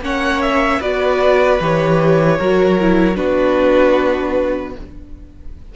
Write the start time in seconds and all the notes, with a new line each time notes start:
0.00 A#3 C#4 C#5 F#5
0.41 E5
0.79 B3 F#4 B4 D5
1.60 E3 G4 C#5
2.38 F#3 F#4 A#4
2.79 E4
3.14 B3 D4 F#4 B4